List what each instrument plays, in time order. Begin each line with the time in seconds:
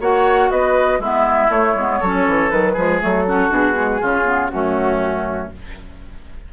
0.00 bassoon A#3, clarinet F#4, oboe C#5, flute F#5
0.50 bassoon B3, oboe B4, flute D#5
0.99 bassoon G#3, clarinet B3, oboe E4, flute E5
1.49 bassoon A3, clarinet A3, flute C#5
1.75 bassoon G#3, clarinet B3
2.00 bassoon F#3, clarinet C#4, oboe A4
2.27 bassoon E3
2.50 bassoon D#3, clarinet F#3, flute B4
2.73 bassoon F3, clarinet G#3, oboe G#4
3.00 bassoon F#3, clarinet A3, flute A4
3.27 clarinet C#4, oboe F#4
3.49 bassoon B2, clarinet D4, flute G#4
3.73 clarinet G#3
4.01 bassoon C#3, clarinet C#4, oboe F4
4.25 clarinet B3
4.49 bassoon F#2, clarinet A3, oboe C#4, flute F#4